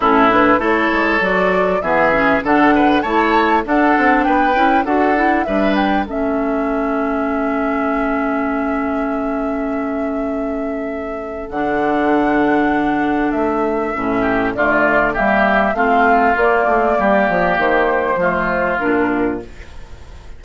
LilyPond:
<<
  \new Staff \with { instrumentName = "flute" } { \time 4/4 \tempo 4 = 99 a'8 b'8 cis''4 d''4 e''4 | fis''4 a''4 fis''4 g''4 | fis''4 e''8 g''8 e''2~ | e''1~ |
e''2. fis''4~ | fis''2 e''2 | d''4 e''4 f''4 d''4~ | d''4 c''2 ais'4 | }
  \new Staff \with { instrumentName = "oboe" } { \time 4/4 e'4 a'2 gis'4 | a'8 b'8 cis''4 a'4 b'4 | a'4 b'4 a'2~ | a'1~ |
a'1~ | a'2.~ a'8 g'8 | f'4 g'4 f'2 | g'2 f'2 | }
  \new Staff \with { instrumentName = "clarinet" } { \time 4/4 cis'8 d'8 e'4 fis'4 b8 cis'8 | d'4 e'4 d'4. e'8 | fis'8 e'8 d'4 cis'2~ | cis'1~ |
cis'2. d'4~ | d'2. cis'4 | a4 ais4 c'4 ais4~ | ais2 a4 d'4 | }
  \new Staff \with { instrumentName = "bassoon" } { \time 4/4 a,4 a8 gis8 fis4 e4 | d4 a4 d'8 c'8 b8 cis'8 | d'4 g4 a2~ | a1~ |
a2. d4~ | d2 a4 a,4 | d4 g4 a4 ais8 a8 | g8 f8 dis4 f4 ais,4 | }
>>